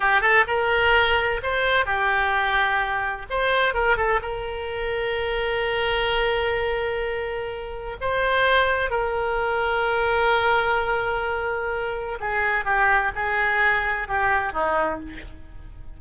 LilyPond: \new Staff \with { instrumentName = "oboe" } { \time 4/4 \tempo 4 = 128 g'8 a'8 ais'2 c''4 | g'2. c''4 | ais'8 a'8 ais'2.~ | ais'1~ |
ais'4 c''2 ais'4~ | ais'1~ | ais'2 gis'4 g'4 | gis'2 g'4 dis'4 | }